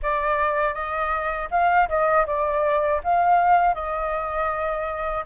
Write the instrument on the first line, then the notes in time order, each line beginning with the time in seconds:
flute
0.02 D5
0.74 D#5
1.50 F5
1.88 D#5
2.26 D5
3.03 F5
3.74 D#5